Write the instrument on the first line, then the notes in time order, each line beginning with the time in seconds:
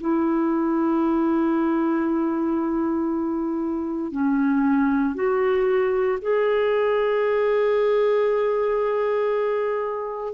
clarinet
0.00 E4
4.11 C#4
5.15 F#4
6.21 G#4